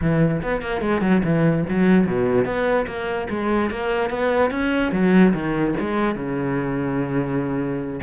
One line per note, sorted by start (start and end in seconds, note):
0.01 0.42 E3
0.42 0.61 B3
0.61 0.81 A#3
0.81 1.01 G#3
1.01 1.21 F#3
1.23 1.65 E3
1.69 2.07 F#3
2.07 2.45 B2
2.45 2.86 B3
2.86 3.27 A#3
3.29 3.70 G#3
3.70 4.09 A#3
4.09 4.50 B3
4.50 4.91 C#4
4.92 5.33 F#3
5.33 5.74 D#3
5.79 6.15 G#3
6.15 8.00 C#3